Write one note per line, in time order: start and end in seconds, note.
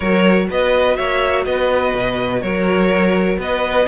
0.00 0.49 F#3
0.00 3.87 F#4
0.00 0.46 A#4
0.00 0.48 C#5
0.49 0.98 B3
0.49 0.97 B4
0.49 0.96 D#5
0.96 1.46 A#3
0.96 1.45 C#5
0.96 1.44 E5
1.45 1.94 B3
1.45 2.42 B4
1.45 2.41 D#5
1.94 2.42 B2
2.41 3.37 F#3
2.41 3.39 A#4
2.41 3.38 C#5
3.37 3.85 B3
3.37 3.87 B4
3.37 3.87 D#5